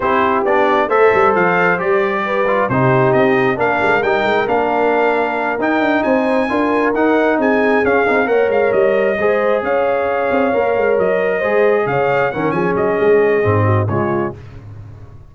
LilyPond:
<<
  \new Staff \with { instrumentName = "trumpet" } { \time 4/4 \tempo 4 = 134 c''4 d''4 e''4 f''4 | d''2 c''4 dis''4 | f''4 g''4 f''2~ | f''8 g''4 gis''2 fis''8~ |
fis''8 gis''4 f''4 fis''8 f''8 dis''8~ | dis''4. f''2~ f''8~ | f''8 dis''2 f''4 fis''8 | gis''8 dis''2~ dis''8 cis''4 | }
  \new Staff \with { instrumentName = "horn" } { \time 4/4 g'2 c''2~ | c''4 b'4 g'2 | ais'1~ | ais'4. c''4 ais'4.~ |
ais'8 gis'2 cis''4.~ | cis''8 c''4 cis''2~ cis''8~ | cis''4. c''4 cis''4 ais'8 | gis'2~ gis'8 fis'8 f'4 | }
  \new Staff \with { instrumentName = "trombone" } { \time 4/4 e'4 d'4 a'2 | g'4. f'8 dis'2 | d'4 dis'4 d'2~ | d'8 dis'2 f'4 dis'8~ |
dis'4. cis'8 dis'8 ais'4.~ | ais'8 gis'2. ais'8~ | ais'4. gis'2 cis'8~ | cis'2 c'4 gis4 | }
  \new Staff \with { instrumentName = "tuba" } { \time 4/4 c'4 b4 a8 g8 f4 | g2 c4 c'4 | ais8 gis8 g8 gis8 ais2~ | ais8 dis'8 d'8 c'4 d'4 dis'8~ |
dis'8 c'4 cis'8 c'8 ais8 gis8 g8~ | g8 gis4 cis'4. c'8 ais8 | gis8 fis4 gis4 cis4 dis8 | f8 fis8 gis4 gis,4 cis4 | }
>>